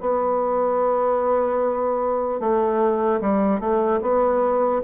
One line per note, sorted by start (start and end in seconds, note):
0.00 2.40 B3
2.40 3.20 A3
3.20 3.60 G3
3.60 4.00 A3
4.01 4.81 B3